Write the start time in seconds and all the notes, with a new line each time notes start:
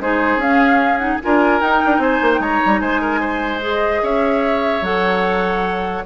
0.00 G#3 D#4 G#4 C5
0.36 C#4 F5
0.98 D#4 F#5
1.22 D4 F4 A#4 G#5
1.61 D#4 G5
1.85 D4
1.98 C4 C5 G#5
2.21 A#3
2.33 G#3 G5
2.41 C#5 A#5
2.65 G3
2.80 G#3 C5 G#5
3.01 A#4
3.20 C5
3.61 G#4 D#5
4.02 C#4 C#5 E5
4.81 F#3 A4 F#5